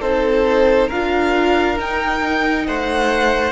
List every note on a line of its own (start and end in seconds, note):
0.00 0.90 C4
0.00 0.90 D#4
0.00 0.88 A4
0.00 0.90 C5
0.88 1.79 D4
0.88 1.77 F4
0.88 2.65 A#4
0.88 1.78 F5
1.77 3.52 D#4
1.77 2.67 D#4
1.77 2.67 G5
2.67 3.52 A3
2.67 3.52 C5
2.67 3.52 F#5